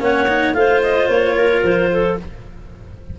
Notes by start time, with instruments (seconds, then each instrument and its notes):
0.00 tuba A#3, cello C#4, clarinet C#5 F#5
0.28 cello D#4
0.54 tuba A3, cello F4, clarinet C5 F5
0.82 clarinet D#5
1.09 tuba A#3, clarinet C#5
1.35 clarinet A#4
1.63 tuba F3, clarinet C5
1.92 clarinet A4